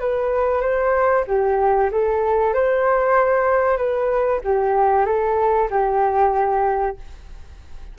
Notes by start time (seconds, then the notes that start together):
0.00 B4
0.61 C5
1.27 G4
1.91 A4
2.53 C5
3.77 B4
4.44 G4
5.06 A4
5.70 G4